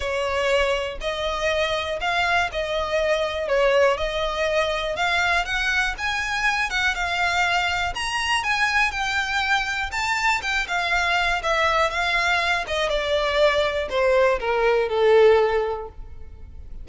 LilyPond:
\new Staff \with { instrumentName = "violin" } { \time 4/4 \tempo 4 = 121 cis''2 dis''2 | f''4 dis''2 cis''4 | dis''2 f''4 fis''4 | gis''4. fis''8 f''2 |
ais''4 gis''4 g''2 | a''4 g''8 f''4. e''4 | f''4. dis''8 d''2 | c''4 ais'4 a'2 | }